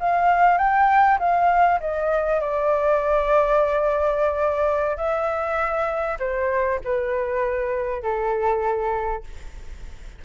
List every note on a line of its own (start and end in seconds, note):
0.00 0.58 F5
0.58 1.18 G5
1.19 1.80 F5
1.80 2.41 D#5
2.41 4.97 D5
4.97 6.18 E5
6.20 6.80 C5
6.84 8.03 B4
8.03 9.24 A4